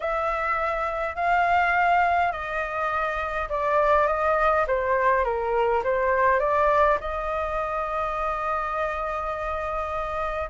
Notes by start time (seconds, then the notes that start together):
0.00 E5
1.15 F5
2.32 D#5
3.49 D5
4.07 D#5
4.67 C5
5.24 A#4
5.83 C5
6.39 D5
7.00 D#5